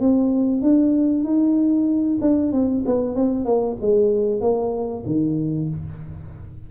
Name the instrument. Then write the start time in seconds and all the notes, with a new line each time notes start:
tuba
0.00 C4
0.62 D4
1.24 D#4
2.21 D4
2.52 C4
2.86 B3
3.15 C4
3.45 A#3
3.81 G#3
4.41 A#3
5.06 D#3